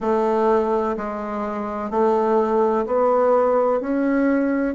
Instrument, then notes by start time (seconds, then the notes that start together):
bassoon
0.00 A3
0.97 G#3
1.90 A3
2.86 B3
3.80 C#4